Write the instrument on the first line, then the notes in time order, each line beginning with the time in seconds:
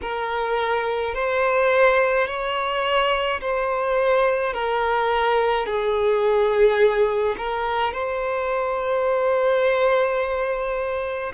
violin
0.01 A#4
1.14 C5
2.26 C#5
3.40 C5
4.53 A#4
5.66 G#4
7.37 A#4
7.92 C5